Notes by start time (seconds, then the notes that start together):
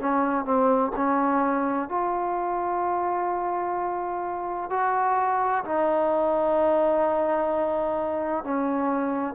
0.00 C#4
0.45 C4
0.96 C#4
1.89 F4
4.70 F#4
5.65 D#4
8.44 C#4